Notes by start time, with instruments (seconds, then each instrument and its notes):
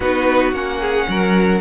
0.00 cello B3, viola D#4, violin F#4 B4
0.52 cello A#3, viola C#4, violin F#5
0.80 violin G#4
1.08 cello F#3, violin A#4